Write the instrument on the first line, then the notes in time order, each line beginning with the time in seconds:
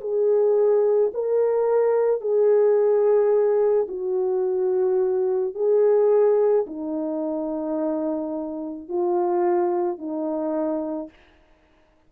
horn
0.00 G#4
1.13 A#4
2.21 G#4
3.88 F#4
5.55 G#4
6.66 D#4
8.88 F4
9.98 D#4